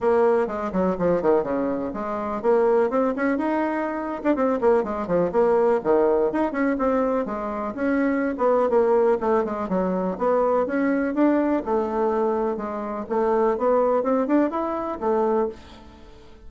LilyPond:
\new Staff \with { instrumentName = "bassoon" } { \time 4/4 \tempo 4 = 124 ais4 gis8 fis8 f8 dis8 cis4 | gis4 ais4 c'8 cis'8 dis'4~ | dis'8. d'16 c'8 ais8 gis8 f8 ais4 | dis4 dis'8 cis'8 c'4 gis4 |
cis'4~ cis'16 b8. ais4 a8 gis8 | fis4 b4 cis'4 d'4 | a2 gis4 a4 | b4 c'8 d'8 e'4 a4 | }